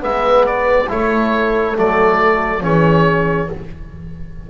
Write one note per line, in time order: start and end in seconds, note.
0.00 0.90 G#3
0.00 0.87 B3
0.00 0.88 B4
0.00 0.46 E5
0.46 0.89 D5
0.88 1.76 A3
0.88 1.75 E4
0.88 2.62 A4
0.88 1.77 C#5
1.75 2.62 F#3
1.75 2.60 A3
1.75 2.63 D5
2.60 3.49 E3
2.60 3.47 C#4
2.60 3.49 G#4
2.60 3.50 C#5